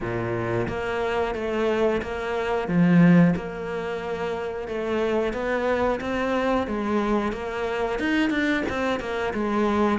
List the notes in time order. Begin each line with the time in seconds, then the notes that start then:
0.00 A#2
0.68 A#3
1.35 A3
2.02 A#3
2.68 F3
3.36 A#3
4.68 A3
5.33 B3
6.00 C4
6.67 G#3
7.32 A#3
7.99 D#4
8.30 D4
8.69 C4
9.00 A#3
9.33 G#3